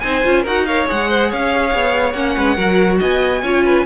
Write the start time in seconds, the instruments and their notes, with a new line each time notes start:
0.00 cello C4, viola D#4, violin C5 G#5
0.24 cello C#4, viola F4
0.43 cello D#4, viola F#4, violin A#4 F#5
0.66 viola A#4, violin C#5 F5
0.86 cello G#3, viola G#4, violin F#5
1.09 violin C5
1.29 cello C#4, violin C#5 F5
1.75 cello B3
2.12 cello A#3, viola C#4, violin F#5
2.36 cello G#3, violin B4
2.55 cello F#3, viola F#4, violin A#4
2.99 cello B3, violin D#5 G#5
3.42 cello C#4, viola F4, violin C#5
3.65 violin B4